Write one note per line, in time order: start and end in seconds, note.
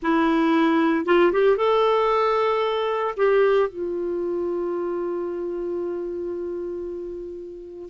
0.02 1.05 E4
1.05 1.32 F4
1.32 1.56 G4
1.56 3.14 A4
3.17 3.69 G4
3.69 7.89 F4